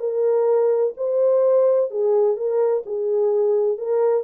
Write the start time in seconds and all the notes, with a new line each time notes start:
0.00 A#4
0.97 C5
1.91 G#4
2.37 A#4
2.86 G#4
3.78 A#4